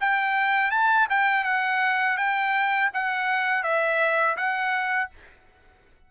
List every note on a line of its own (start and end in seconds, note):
0.00 0.71 G5
0.71 1.07 A5
1.09 1.44 G5
1.44 2.17 F#5
2.17 2.90 G5
2.93 3.63 F#5
3.63 4.36 E5
4.37 5.10 F#5